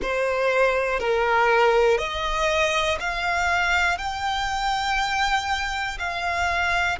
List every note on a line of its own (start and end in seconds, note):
0.01 0.99 C5
0.99 1.98 A#4
1.98 2.98 D#5
3.00 3.98 F5
3.98 5.98 G5
5.98 6.98 F5